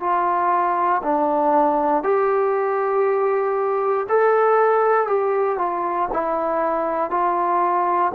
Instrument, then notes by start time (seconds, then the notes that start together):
trombone
0.00 F4
1.03 D4
2.03 G4
4.09 A4
5.07 G4
5.58 F4
6.13 E4
7.10 F4